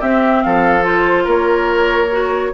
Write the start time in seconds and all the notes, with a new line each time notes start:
0.00 C4 G4 E5
0.43 F3 A4 F5
0.81 F4 C5
1.24 A#3 A#4 C#5
2.11 F#4